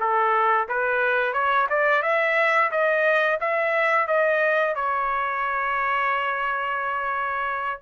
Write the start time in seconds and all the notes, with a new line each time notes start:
0.00 A4
0.68 B4
1.33 C#5
1.70 D5
2.02 E5
2.71 D#5
3.40 E5
4.07 D#5
4.75 C#5